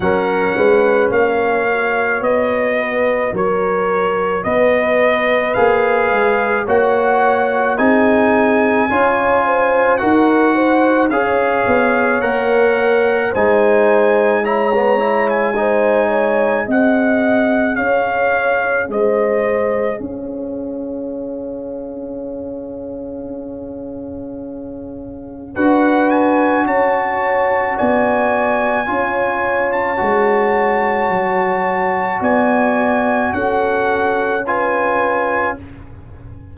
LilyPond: <<
  \new Staff \with { instrumentName = "trumpet" } { \time 4/4 \tempo 4 = 54 fis''4 f''4 dis''4 cis''4 | dis''4 f''4 fis''4 gis''4~ | gis''4 fis''4 f''4 fis''4 | gis''4 ais''8. gis''4~ gis''16 fis''4 |
f''4 dis''4 f''2~ | f''2. fis''8 gis''8 | a''4 gis''4.~ gis''16 a''4~ a''16~ | a''4 gis''4 fis''4 gis''4 | }
  \new Staff \with { instrumentName = "horn" } { \time 4/4 ais'8 b'8 cis''4. b'8 ais'4 | b'2 cis''4 gis'4 | cis''8 c''8 ais'8 c''8 cis''2 | c''4 cis''4 c''8 cis''8 dis''4 |
cis''4 c''4 cis''2~ | cis''2. b'4 | cis''4 d''4 cis''2~ | cis''4 d''4 a'4 b'4 | }
  \new Staff \with { instrumentName = "trombone" } { \time 4/4 cis'4. fis'2~ fis'8~ | fis'4 gis'4 fis'4 dis'4 | f'4 fis'4 gis'4 ais'4 | dis'4 e'16 b16 e'8 dis'4 gis'4~ |
gis'1~ | gis'2. fis'4~ | fis'2 f'4 fis'4~ | fis'2. f'4 | }
  \new Staff \with { instrumentName = "tuba" } { \time 4/4 fis8 gis8 ais4 b4 fis4 | b4 ais8 gis8 ais4 c'4 | cis'4 dis'4 cis'8 b8 ais4 | gis2. c'4 |
cis'4 gis4 cis'2~ | cis'2. d'4 | cis'4 b4 cis'4 gis4 | fis4 b4 cis'2 | }
>>